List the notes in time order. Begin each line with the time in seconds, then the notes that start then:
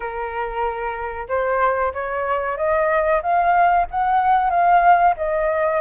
0.00 A#4
1.28 C5
1.93 C#5
2.57 D#5
3.22 F5
3.90 F#5
4.50 F5
5.16 D#5